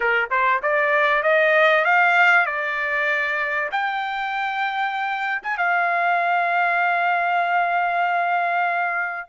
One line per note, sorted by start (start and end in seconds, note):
0.00 0.29 A#4
0.30 0.61 C5
0.62 1.22 D5
1.22 1.84 D#5
1.84 2.46 F5
2.46 3.69 D5
3.71 5.41 G5
5.43 5.57 G#5
5.57 9.28 F5